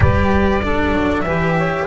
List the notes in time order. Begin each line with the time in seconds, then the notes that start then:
0.00 G3 G4 B4 D5
0.62 D4 A4
0.91 F#3
1.21 E3 G4 B4 E5
1.57 C#5